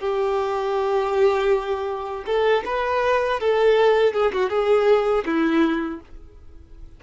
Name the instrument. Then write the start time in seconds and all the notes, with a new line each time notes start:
violin
0.00 G4
2.26 A4
2.65 B4
3.40 A4
4.14 G#4
4.33 F#4
4.50 G#4
5.26 E4